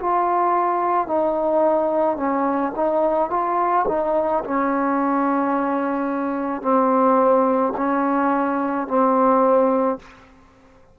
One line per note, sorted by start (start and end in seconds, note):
0.00 1.07 F4
1.07 2.17 D#4
2.17 2.73 C#4
2.76 3.30 D#4
3.30 3.86 F4
3.88 4.43 D#4
4.44 6.62 C#4
6.62 7.73 C4
7.77 8.87 C#4
8.87 9.98 C4